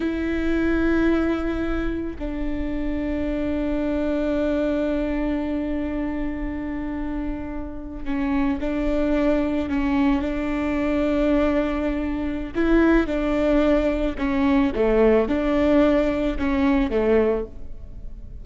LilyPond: \new Staff \with { instrumentName = "viola" } { \time 4/4 \tempo 4 = 110 e'1 | d'1~ | d'1~ | d'2~ d'8. cis'4 d'16~ |
d'4.~ d'16 cis'4 d'4~ d'16~ | d'2. e'4 | d'2 cis'4 a4 | d'2 cis'4 a4 | }